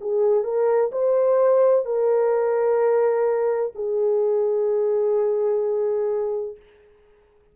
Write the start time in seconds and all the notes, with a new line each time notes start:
0.00 G#4
0.43 A#4
0.92 C5
1.85 A#4
3.75 G#4